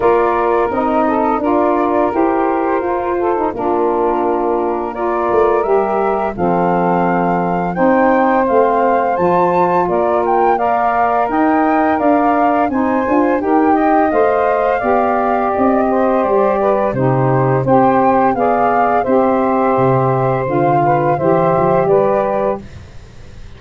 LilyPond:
<<
  \new Staff \with { instrumentName = "flute" } { \time 4/4 \tempo 4 = 85 d''4 dis''4 d''4 c''4~ | c''4 ais'2 d''4 | e''4 f''2 g''4 | f''4 a''4 d''8 g''8 f''4 |
g''4 f''4 gis''4 g''4 | f''2 dis''4 d''4 | c''4 g''4 f''4 e''4~ | e''4 f''4 e''4 d''4 | }
  \new Staff \with { instrumentName = "saxophone" } { \time 4/4 ais'4. a'8 ais'2~ | ais'8 a'8 f'2 ais'4~ | ais'4 a'2 c''4~ | c''2 ais'4 d''4 |
dis''4 d''4 c''4 ais'8 dis''8~ | dis''4 d''4. c''4 b'8 | g'4 c''4 d''4 c''4~ | c''4. b'8 c''4 b'4 | }
  \new Staff \with { instrumentName = "saxophone" } { \time 4/4 f'4 dis'4 f'4 g'4 | f'8. dis'16 d'2 f'4 | g'4 c'2 dis'4 | c'4 f'2 ais'4~ |
ais'2 dis'8 f'8 g'4 | c''4 g'2. | dis'4 g'4 gis'4 g'4~ | g'4 f'4 g'2 | }
  \new Staff \with { instrumentName = "tuba" } { \time 4/4 ais4 c'4 d'4 e'4 | f'4 ais2~ ais8 a8 | g4 f2 c'4 | a4 f4 ais2 |
dis'4 d'4 c'8 d'8 dis'4 | a4 b4 c'4 g4 | c4 c'4 b4 c'4 | c4 d4 e8 f8 g4 | }
>>